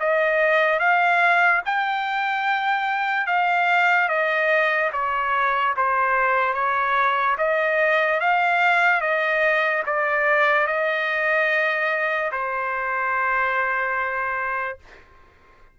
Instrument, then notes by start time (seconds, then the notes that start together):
trumpet
0.00 D#5
0.80 F5
1.66 G5
3.27 F5
4.09 D#5
4.93 C#5
5.77 C5
6.54 C#5
7.38 D#5
8.20 F5
9.01 D#5
9.87 D5
10.67 D#5
12.32 C5